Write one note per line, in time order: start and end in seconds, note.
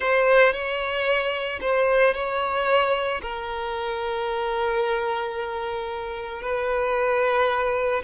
0.00 0.52 C5
0.52 1.59 C#5
1.60 2.14 C5
2.14 3.21 C#5
3.21 6.42 A#4
6.42 8.02 B4